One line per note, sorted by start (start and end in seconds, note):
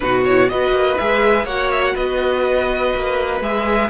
0.00 0.50 B2
0.00 0.24 D#4
0.00 0.51 F#4
0.00 0.22 B4
0.25 0.49 E4
0.25 0.49 C#5
0.49 0.71 B3
0.49 0.98 F#4
0.49 1.45 B4
0.49 0.97 D#5
0.71 0.95 A#3
0.97 1.44 G#3
0.97 1.47 G#4
0.97 1.46 E5
1.44 1.93 A#3
1.44 3.42 F#4
1.44 1.94 C#5
1.44 1.70 F#5
1.71 1.83 E5
1.84 1.95 F#5
1.94 2.94 B3
1.94 3.89 B4
1.94 3.42 D#5
2.95 3.40 A#3
3.40 3.89 G#3
3.40 3.90 G#4
3.40 3.90 E5